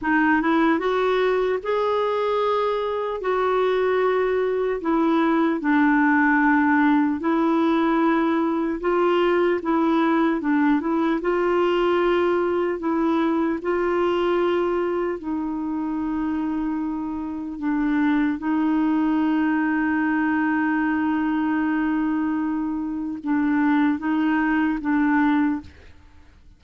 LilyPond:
\new Staff \with { instrumentName = "clarinet" } { \time 4/4 \tempo 4 = 75 dis'8 e'8 fis'4 gis'2 | fis'2 e'4 d'4~ | d'4 e'2 f'4 | e'4 d'8 e'8 f'2 |
e'4 f'2 dis'4~ | dis'2 d'4 dis'4~ | dis'1~ | dis'4 d'4 dis'4 d'4 | }